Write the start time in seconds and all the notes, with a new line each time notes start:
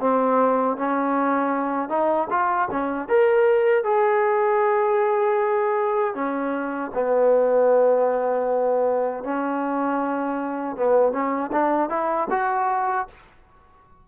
0.00 C4
0.77 C#4
1.89 D#4
2.30 F4
2.71 C#4
3.09 A#4
3.84 G#4
6.15 C#4
6.94 B3
9.24 C#4
10.77 B3
11.12 C#4
11.52 D4
11.90 E4
12.30 F#4